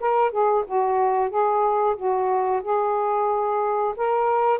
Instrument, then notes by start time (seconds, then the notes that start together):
saxophone
0.00 A#4
0.31 G#4
0.66 F#4
1.30 G#4
1.96 F#4
2.63 G#4
3.97 A#4